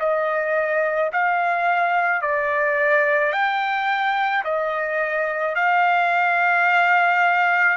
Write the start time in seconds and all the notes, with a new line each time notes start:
0.00 D#5
1.13 F5
2.22 D5
3.33 G5
4.44 D#5
5.56 F5